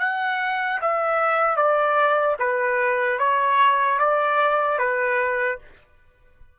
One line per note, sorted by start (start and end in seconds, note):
0.00 0.80 F#5
0.81 1.57 E5
1.57 2.37 D5
2.40 3.19 B4
3.19 3.99 C#5
3.99 4.79 D5
4.79 5.59 B4